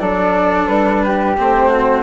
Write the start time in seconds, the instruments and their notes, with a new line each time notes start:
0.00 bassoon F#3, cello D4, flute A4 D5
0.67 bassoon G3, flute B4
1.05 flute G4
1.38 bassoon A3, cello C4, flute C5
1.69 flute F#4